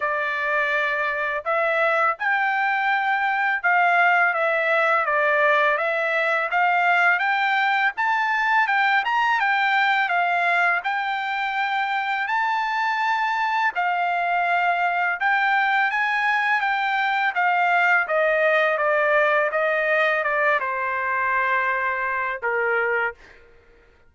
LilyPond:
\new Staff \with { instrumentName = "trumpet" } { \time 4/4 \tempo 4 = 83 d''2 e''4 g''4~ | g''4 f''4 e''4 d''4 | e''4 f''4 g''4 a''4 | g''8 ais''8 g''4 f''4 g''4~ |
g''4 a''2 f''4~ | f''4 g''4 gis''4 g''4 | f''4 dis''4 d''4 dis''4 | d''8 c''2~ c''8 ais'4 | }